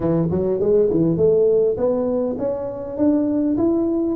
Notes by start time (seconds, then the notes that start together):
0.00 E3
0.30 F#3
0.59 G#3
0.90 E3
1.16 A3
1.77 B3
2.38 C#4
2.97 D4
3.57 E4